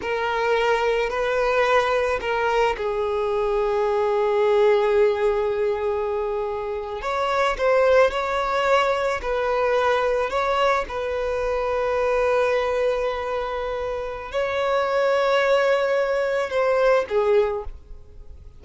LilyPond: \new Staff \with { instrumentName = "violin" } { \time 4/4 \tempo 4 = 109 ais'2 b'2 | ais'4 gis'2.~ | gis'1~ | gis'8. cis''4 c''4 cis''4~ cis''16~ |
cis''8. b'2 cis''4 b'16~ | b'1~ | b'2 cis''2~ | cis''2 c''4 gis'4 | }